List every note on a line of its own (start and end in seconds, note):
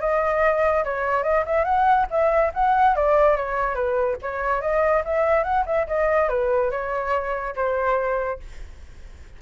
0.00 0.84 D#5
0.84 1.23 C#5
1.23 1.44 D#5
1.45 1.64 E5
1.64 2.06 F#5
2.10 2.52 E5
2.54 2.96 F#5
2.96 3.36 D5
3.36 3.75 C#5
3.75 4.17 B4
4.22 4.61 C#5
4.61 5.03 D#5
5.05 5.44 E5
5.44 5.65 F#5
5.66 5.87 E5
5.87 6.29 D#5
6.29 6.71 B4
6.71 7.55 C#5
7.56 8.40 C5